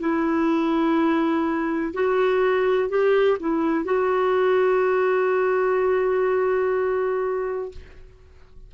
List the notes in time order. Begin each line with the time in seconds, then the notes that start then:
0.00 E4
1.94 F#4
2.89 G4
3.40 E4
3.85 F#4